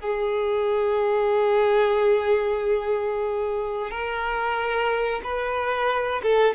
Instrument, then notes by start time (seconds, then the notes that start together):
violin
0.00 G#4
3.90 A#4
5.23 B4
6.22 A4